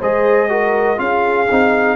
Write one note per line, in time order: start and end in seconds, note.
0.00 0.99 G#3
0.00 0.49 G#4
0.00 0.49 C5
0.00 0.99 D#5
0.49 0.96 F#4
0.49 0.99 A#4
0.96 1.48 C#4
0.96 1.45 F4
0.96 1.96 G#4
0.96 1.96 F5
1.51 1.96 C4
1.51 1.96 D#4